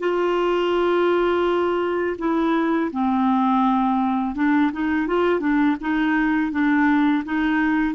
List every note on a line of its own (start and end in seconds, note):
0.00 2.17 F4
2.19 2.91 E4
2.92 4.35 C4
4.35 4.72 D4
4.73 5.07 D#4
5.07 5.41 F4
5.41 5.77 D4
5.81 6.52 D#4
6.52 7.24 D4
7.25 7.95 D#4